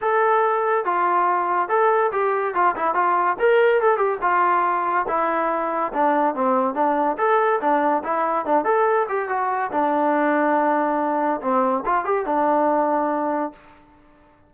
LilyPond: \new Staff \with { instrumentName = "trombone" } { \time 4/4 \tempo 4 = 142 a'2 f'2 | a'4 g'4 f'8 e'8 f'4 | ais'4 a'8 g'8 f'2 | e'2 d'4 c'4 |
d'4 a'4 d'4 e'4 | d'8 a'4 g'8 fis'4 d'4~ | d'2. c'4 | f'8 g'8 d'2. | }